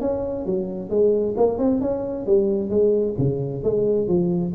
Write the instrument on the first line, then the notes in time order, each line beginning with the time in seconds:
tuba
0.00 C#4
0.45 F#3
0.89 G#3
1.37 A#3
1.58 C4
1.80 C#4
2.26 G3
2.69 G#3
3.18 C#3
3.63 G#3
4.07 F3